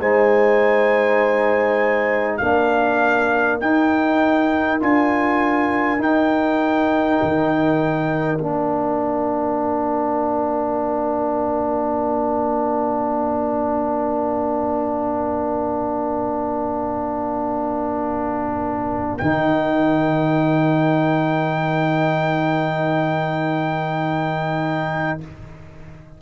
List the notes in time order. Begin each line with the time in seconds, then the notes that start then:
0.00 G#3 D#4 C5 G#5
2.38 A#3 D4 A#4 F5
3.61 D#4 G5
4.80 D4 F4 G#5
5.99 D#4 G5
7.22 D#3
8.40 A#3 D4 F5
19.18 D#3 D#4 G5